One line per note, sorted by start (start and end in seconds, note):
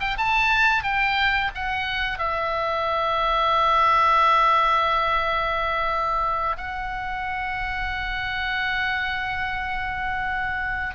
0.00 0.17 G5
0.17 0.83 A5
0.83 1.51 G5
1.55 2.18 F#5
2.18 6.57 E5
6.57 10.95 F#5